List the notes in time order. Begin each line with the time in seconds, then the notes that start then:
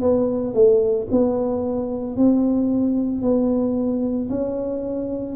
0.00 B3
0.54 A3
1.11 B3
2.17 C4
3.22 B3
4.29 C#4